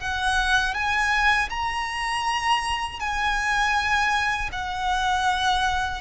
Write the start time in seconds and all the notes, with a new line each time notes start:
0.00 F#5
0.74 G#5
1.50 A#5
3.00 G#5
4.52 F#5